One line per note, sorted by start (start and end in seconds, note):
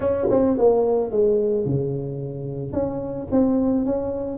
0.00 0.27 C#4
0.30 0.57 C4
0.57 1.11 A#3
1.11 1.65 G#3
1.65 2.72 C#3
2.72 3.27 C#4
3.31 3.85 C4
3.85 4.38 C#4